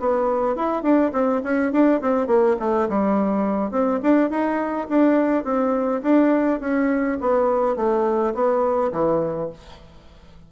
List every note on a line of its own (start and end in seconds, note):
0.00 0.56 B3
0.56 0.83 E4
0.83 1.12 D4
1.13 1.42 C4
1.44 1.72 C#4
1.72 2.01 D4
2.01 2.27 C4
2.27 2.56 A#3
2.60 2.88 A3
2.89 3.71 G3
3.71 4.00 C4
4.03 4.30 D4
4.30 4.88 D#4
4.89 5.44 D4
5.44 6.02 C4
6.03 6.60 D4
6.61 7.18 C#4
7.21 7.76 B3
7.76 8.34 A3
8.34 8.92 B3
8.92 9.50 E3